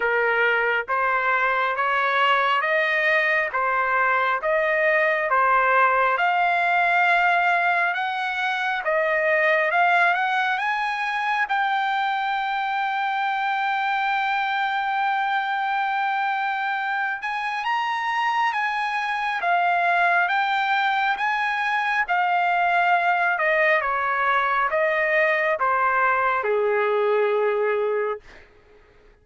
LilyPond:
\new Staff \with { instrumentName = "trumpet" } { \time 4/4 \tempo 4 = 68 ais'4 c''4 cis''4 dis''4 | c''4 dis''4 c''4 f''4~ | f''4 fis''4 dis''4 f''8 fis''8 | gis''4 g''2.~ |
g''2.~ g''8 gis''8 | ais''4 gis''4 f''4 g''4 | gis''4 f''4. dis''8 cis''4 | dis''4 c''4 gis'2 | }